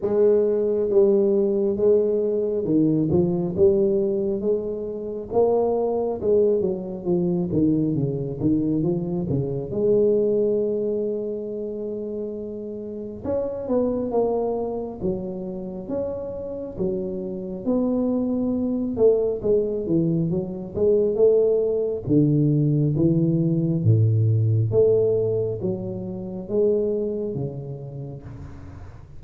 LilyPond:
\new Staff \with { instrumentName = "tuba" } { \time 4/4 \tempo 4 = 68 gis4 g4 gis4 dis8 f8 | g4 gis4 ais4 gis8 fis8 | f8 dis8 cis8 dis8 f8 cis8 gis4~ | gis2. cis'8 b8 |
ais4 fis4 cis'4 fis4 | b4. a8 gis8 e8 fis8 gis8 | a4 d4 e4 a,4 | a4 fis4 gis4 cis4 | }